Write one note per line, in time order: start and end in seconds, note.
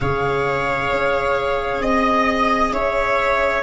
0.00 0.91 C#3
0.00 3.63 G#4
0.00 1.82 C#5
0.00 1.80 F5
0.91 1.80 C#4
1.80 2.71 C4
1.80 2.71 D#5
1.80 2.73 D#5
2.71 3.62 C#4
2.71 3.63 C#5
2.71 3.63 E5